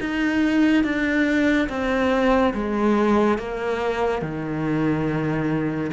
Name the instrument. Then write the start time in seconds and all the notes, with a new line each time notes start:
cello
0.00 D#4
0.84 D4
1.69 C4
2.54 G#3
3.38 A#3
4.22 D#3